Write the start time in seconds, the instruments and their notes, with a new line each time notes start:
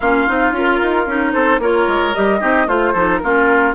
0.00 bassoon A#3, clarinet C#4, oboe F4, flute F5
0.27 bassoon C4, clarinet D#4
0.51 bassoon C#4, clarinet F4, flute A#4
0.82 bassoon D#4
1.06 bassoon C#4, clarinet D#4
1.33 bassoon C4, oboe A4, flute C5
1.58 bassoon A#3, clarinet F4, oboe A#4, flute C#5
1.87 bassoon G#3
2.14 bassoon G3, clarinet G4, flute D#5
2.40 bassoon C4, clarinet D#4, oboe G4
2.67 bassoon A3, oboe F4, clarinet F4, flute C5
2.92 bassoon F3, clarinet D#4, oboe A4
3.18 bassoon A#3, clarinet C#4, oboe F4, flute A#4